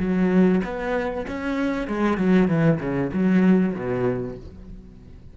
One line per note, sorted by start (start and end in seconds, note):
0.00 0.62 F#3
0.64 1.26 B3
1.28 1.88 C#4
1.88 2.18 G#3
2.18 2.48 F#3
2.48 2.79 E3
2.80 3.11 C#3
3.13 3.75 F#3
3.75 4.37 B2